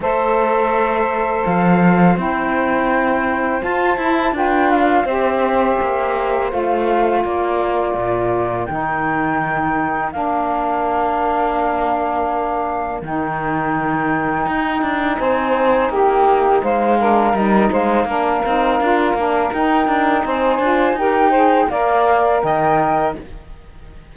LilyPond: <<
  \new Staff \with { instrumentName = "flute" } { \time 4/4 \tempo 4 = 83 e''2 f''4 g''4~ | g''4 a''4 g''8 f''8 e''4~ | e''4 f''4 d''2 | g''2 f''2~ |
f''2 g''2~ | g''4 gis''4 g''4 f''4 | dis''8 f''2~ f''8 g''4 | gis''4 g''4 f''4 g''4 | }
  \new Staff \with { instrumentName = "saxophone" } { \time 4/4 c''1~ | c''2 b'4 c''4~ | c''2 ais'2~ | ais'1~ |
ais'1~ | ais'4 c''4 g'4 c''8 ais'8~ | ais'8 c''8 ais'2. | c''4 ais'8 c''8 d''4 dis''4 | }
  \new Staff \with { instrumentName = "saxophone" } { \time 4/4 a'2. e'4~ | e'4 f'8 e'8 f'4 g'4~ | g'4 f'2. | dis'2 d'2~ |
d'2 dis'2~ | dis'2.~ dis'8 d'8 | dis'4 d'8 dis'8 f'8 d'8 dis'4~ | dis'8 f'8 g'8 gis'8 ais'2 | }
  \new Staff \with { instrumentName = "cello" } { \time 4/4 a2 f4 c'4~ | c'4 f'8 e'8 d'4 c'4 | ais4 a4 ais4 ais,4 | dis2 ais2~ |
ais2 dis2 | dis'8 d'8 c'4 ais4 gis4 | g8 gis8 ais8 c'8 d'8 ais8 dis'8 d'8 | c'8 d'8 dis'4 ais4 dis4 | }
>>